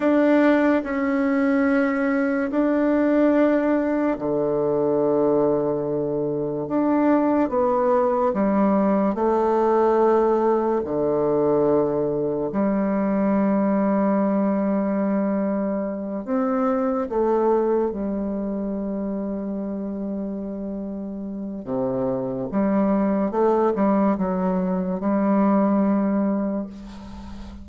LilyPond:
\new Staff \with { instrumentName = "bassoon" } { \time 4/4 \tempo 4 = 72 d'4 cis'2 d'4~ | d'4 d2. | d'4 b4 g4 a4~ | a4 d2 g4~ |
g2.~ g8 c'8~ | c'8 a4 g2~ g8~ | g2 c4 g4 | a8 g8 fis4 g2 | }